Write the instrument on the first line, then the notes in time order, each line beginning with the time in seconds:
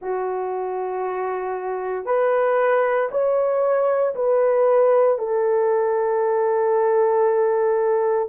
horn
0.01 F#4
2.05 B4
3.11 C#5
4.15 B4
5.18 A4